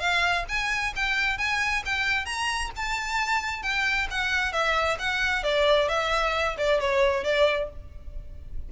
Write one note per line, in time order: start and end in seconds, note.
0.00 0.45 F5
0.49 0.94 G#5
0.96 1.38 G5
1.38 1.84 G#5
1.86 2.26 G5
2.26 2.71 A#5
2.77 3.63 A5
3.63 4.08 G5
4.11 4.53 F#5
4.53 4.98 E5
4.99 5.44 F#5
5.44 5.89 D5
5.89 6.57 E5
6.58 6.81 D5
6.81 7.24 C#5
7.24 7.69 D5